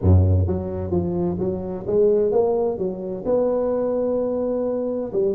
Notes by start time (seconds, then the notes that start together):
0.01 F#2
0.47 F#3
0.90 F3
1.39 F#3
1.86 G#3
2.31 A#3
2.78 F#3
3.25 B3
5.12 G3